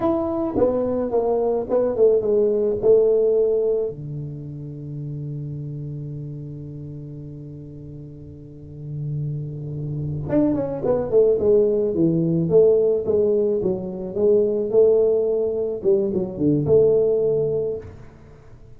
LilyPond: \new Staff \with { instrumentName = "tuba" } { \time 4/4 \tempo 4 = 108 e'4 b4 ais4 b8 a8 | gis4 a2 d4~ | d1~ | d1~ |
d2~ d8 d'8 cis'8 b8 | a8 gis4 e4 a4 gis8~ | gis8 fis4 gis4 a4.~ | a8 g8 fis8 d8 a2 | }